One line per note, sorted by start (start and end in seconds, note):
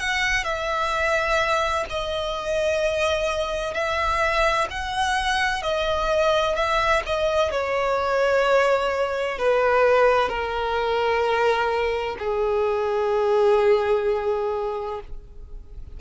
0.00 0.45 F#5
0.45 1.85 E5
1.90 3.74 D#5
3.74 4.68 E5
4.71 5.63 F#5
5.63 6.56 D#5
6.56 7.03 E5
7.07 7.52 D#5
7.52 9.39 C#5
9.39 10.29 B4
10.29 12.17 A#4
12.20 15.01 G#4